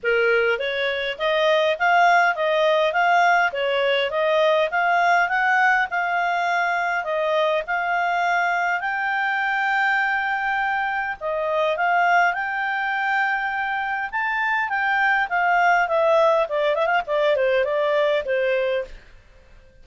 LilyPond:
\new Staff \with { instrumentName = "clarinet" } { \time 4/4 \tempo 4 = 102 ais'4 cis''4 dis''4 f''4 | dis''4 f''4 cis''4 dis''4 | f''4 fis''4 f''2 | dis''4 f''2 g''4~ |
g''2. dis''4 | f''4 g''2. | a''4 g''4 f''4 e''4 | d''8 e''16 f''16 d''8 c''8 d''4 c''4 | }